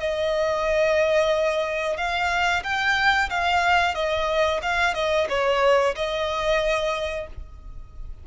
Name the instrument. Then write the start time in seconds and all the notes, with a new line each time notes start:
violin
0.00 D#5
1.98 F5
2.64 G5
3.30 F5
3.95 D#5
4.62 F5
4.95 D#5
5.29 C#5
5.96 D#5